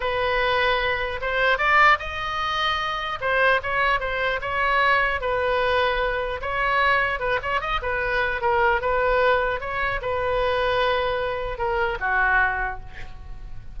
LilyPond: \new Staff \with { instrumentName = "oboe" } { \time 4/4 \tempo 4 = 150 b'2. c''4 | d''4 dis''2. | c''4 cis''4 c''4 cis''4~ | cis''4 b'2. |
cis''2 b'8 cis''8 dis''8 b'8~ | b'4 ais'4 b'2 | cis''4 b'2.~ | b'4 ais'4 fis'2 | }